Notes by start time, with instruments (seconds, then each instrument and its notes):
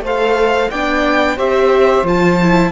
0.00 cello A3, viola A4, saxophone C5
0.07 violin F5
0.71 cello B3, viola D4, saxophone D5, violin G5
1.37 cello C4, viola G4, saxophone C5, violin E5
2.04 cello F3, viola F4, violin A5
2.43 viola E4